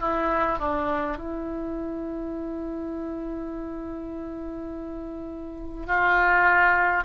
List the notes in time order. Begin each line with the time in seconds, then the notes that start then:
0.00 E4
0.59 D4
1.18 E4
5.87 F4